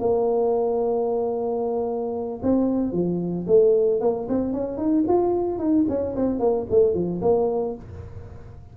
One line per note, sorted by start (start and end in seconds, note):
0.00 2.41 A#3
2.43 2.92 C4
2.92 3.46 F3
3.47 4.01 A3
4.01 4.28 A#3
4.29 4.53 C4
4.53 4.78 C#4
4.78 5.05 D#4
5.08 5.59 F4
5.59 5.86 D#4
5.89 6.15 C#4
6.16 6.40 C4
6.40 6.66 A#3
6.70 6.94 A3
6.94 7.21 F3
7.22 7.75 A#3